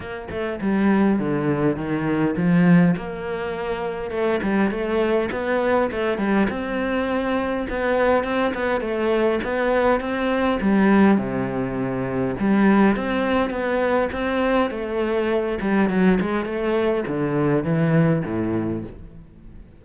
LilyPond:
\new Staff \with { instrumentName = "cello" } { \time 4/4 \tempo 4 = 102 ais8 a8 g4 d4 dis4 | f4 ais2 a8 g8 | a4 b4 a8 g8 c'4~ | c'4 b4 c'8 b8 a4 |
b4 c'4 g4 c4~ | c4 g4 c'4 b4 | c'4 a4. g8 fis8 gis8 | a4 d4 e4 a,4 | }